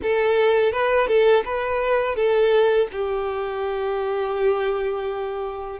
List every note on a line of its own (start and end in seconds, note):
0.02 0.72 A4
0.72 1.07 B4
1.07 1.43 A4
1.45 2.15 B4
2.15 2.87 A4
2.92 5.79 G4